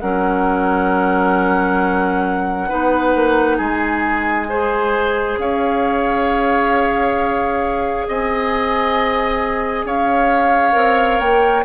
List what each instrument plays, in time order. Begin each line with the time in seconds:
0.00 bassoon F#3, clarinet C#4, oboe A#4, flute F#5
2.69 bassoon B3, clarinet D#4, oboe B4
3.15 bassoon A#3
3.57 bassoon G#3, oboe G#4, flute G#5
4.49 clarinet G#4, oboe C5
5.38 bassoon C#4, oboe C#5, flute F5
8.08 bassoon C4, oboe D#5, flute G#5
9.85 bassoon C#4, oboe C#5, flute F5
10.72 bassoon C4, clarinet A#4
11.20 bassoon A#3, flute G5